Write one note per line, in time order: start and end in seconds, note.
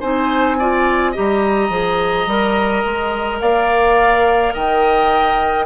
0.00 1.16 C4
0.00 0.59 D#4
0.00 0.57 C5
0.00 1.14 G#5
0.59 1.14 F4
0.59 1.12 D5
1.12 1.69 G3
1.12 1.70 G4
1.12 3.38 D#5
1.12 3.40 A#5
1.69 2.26 F3
1.69 2.27 G#4
2.26 2.83 G3
2.26 5.66 A#4
2.85 3.41 G#3
3.40 4.54 A#3
3.40 4.54 D5
3.40 4.54 F5
4.54 5.66 D#3
4.54 5.66 D#5
4.54 5.66 G5